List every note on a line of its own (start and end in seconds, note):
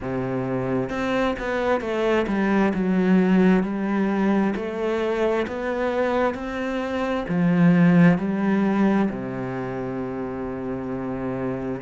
0.00 0.89 C3
0.89 1.35 C4
1.39 1.80 B3
1.80 2.26 A3
2.27 2.72 G3
2.74 3.63 F#3
3.63 4.54 G3
4.55 5.46 A3
5.47 6.34 B3
6.34 7.25 C4
7.28 8.17 F3
8.17 9.08 G3
9.09 11.81 C3